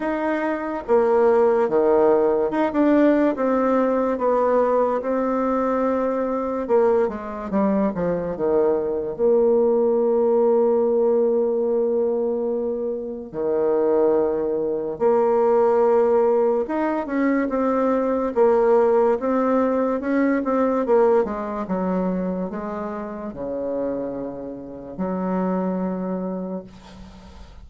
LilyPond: \new Staff \with { instrumentName = "bassoon" } { \time 4/4 \tempo 4 = 72 dis'4 ais4 dis4 dis'16 d'8. | c'4 b4 c'2 | ais8 gis8 g8 f8 dis4 ais4~ | ais1 |
dis2 ais2 | dis'8 cis'8 c'4 ais4 c'4 | cis'8 c'8 ais8 gis8 fis4 gis4 | cis2 fis2 | }